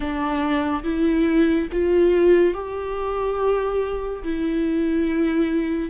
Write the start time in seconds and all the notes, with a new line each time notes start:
0.00 D4
0.83 E4
1.71 F4
2.54 G4
4.23 E4